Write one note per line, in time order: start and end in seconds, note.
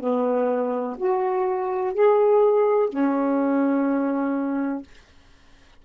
0.00 0.97 B3
0.98 1.94 F#4
1.94 2.89 G#4
2.89 4.83 C#4